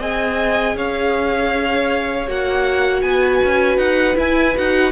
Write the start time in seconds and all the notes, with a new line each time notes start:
0.00 C4 G#4 D#5 G#5
0.76 C#4 C#5 F5
2.28 A#3 F#4 F#5
3.02 B3 B4 G#5
3.45 C#4
3.78 D#4 F#5
4.16 E4 G#5
4.56 D#4 F#4 F#5